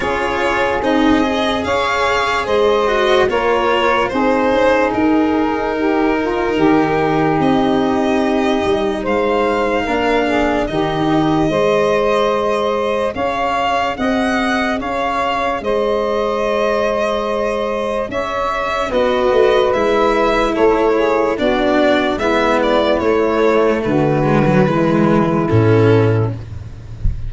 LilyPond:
<<
  \new Staff \with { instrumentName = "violin" } { \time 4/4 \tempo 4 = 73 cis''4 dis''4 f''4 dis''4 | cis''4 c''4 ais'2~ | ais'4 dis''2 f''4~ | f''4 dis''2. |
f''4 fis''4 f''4 dis''4~ | dis''2 e''4 dis''4 | e''4 cis''4 d''4 e''8 d''8 | cis''4 b'2 a'4 | }
  \new Staff \with { instrumentName = "saxophone" } { \time 4/4 gis'2 cis''4 c''4 | ais'4 gis'2 g'8 f'8 | g'2. c''4 | ais'8 gis'8 g'4 c''2 |
cis''4 dis''4 cis''4 c''4~ | c''2 cis''4 b'4~ | b'4 a'8 gis'8 fis'4 e'4~ | e'4 fis'4 e'2 | }
  \new Staff \with { instrumentName = "cello" } { \time 4/4 f'4 dis'8 gis'2 fis'8 | f'4 dis'2.~ | dis'1 | d'4 dis'4 gis'2~ |
gis'1~ | gis'2. fis'4 | e'2 d'4 b4 | a4. gis16 fis16 gis4 cis'4 | }
  \new Staff \with { instrumentName = "tuba" } { \time 4/4 cis'4 c'4 cis'4 gis4 | ais4 c'8 cis'8 dis'2 | dis4 c'4. g8 gis4 | ais4 dis4 gis2 |
cis'4 c'4 cis'4 gis4~ | gis2 cis'4 b8 a8 | gis4 a4 b4 gis4 | a4 d4 e4 a,4 | }
>>